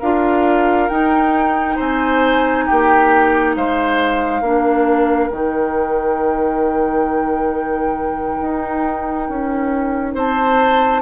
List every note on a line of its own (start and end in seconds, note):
0.00 0.90 D4
0.00 0.90 F4
0.00 1.76 A#4
0.00 0.90 F5
0.90 4.43 D#4
0.90 1.79 D#4
0.90 1.78 G5
1.76 2.68 C4
1.76 2.65 C5
1.76 2.67 G#5
2.67 3.57 A#3
2.67 3.55 G4
2.67 3.56 G5
3.56 4.42 G#3
3.56 4.42 C5
3.56 5.29 F5
4.42 5.30 A#3
4.42 5.31 D4
4.42 10.15 A#4
5.29 8.40 D#3
5.29 11.02 D#4
5.29 10.14 G5
8.41 9.29 D#4
9.29 10.15 C#4
10.15 11.02 C4
10.15 11.02 C5
10.15 11.02 A5